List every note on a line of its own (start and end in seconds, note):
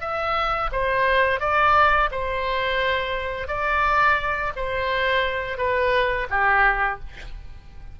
0.00 0.70 E5
0.72 1.40 C5
1.40 2.09 D5
2.11 3.47 C5
3.47 4.52 D5
4.56 5.57 C5
5.57 6.27 B4
6.29 6.99 G4